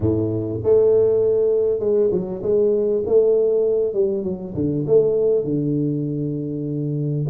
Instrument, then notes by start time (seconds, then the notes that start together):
tuba
0.00 A2
0.63 A3
1.79 G#3
2.11 F#3
2.42 G#3
3.06 A3
3.93 G3
4.23 F#3
4.54 D3
4.87 A3
5.44 D3